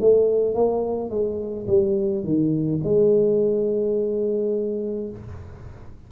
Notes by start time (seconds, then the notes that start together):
0.00 A3
0.55 A#3
1.10 G#3
1.67 G3
2.23 D#3
2.84 G#3